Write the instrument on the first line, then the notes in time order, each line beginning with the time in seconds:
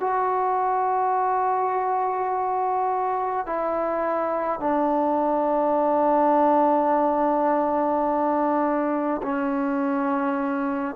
trombone
0.00 F#4
3.46 E4
4.59 D4
9.23 C#4